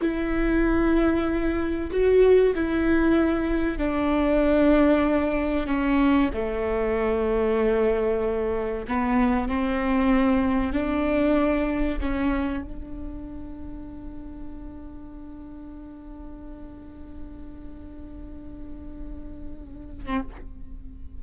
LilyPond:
\new Staff \with { instrumentName = "viola" } { \time 4/4 \tempo 4 = 95 e'2. fis'4 | e'2 d'2~ | d'4 cis'4 a2~ | a2 b4 c'4~ |
c'4 d'2 cis'4 | d'1~ | d'1~ | d'2.~ d'8. c'16 | }